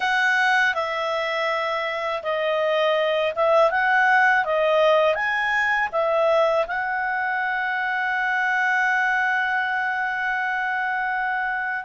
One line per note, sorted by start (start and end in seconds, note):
0.00 0.74 F#5
0.74 2.22 E5
2.22 3.33 D#5
3.35 3.70 E5
3.70 4.44 F#5
4.44 5.14 D#5
5.14 5.89 G#5
5.92 6.66 E5
6.67 11.84 F#5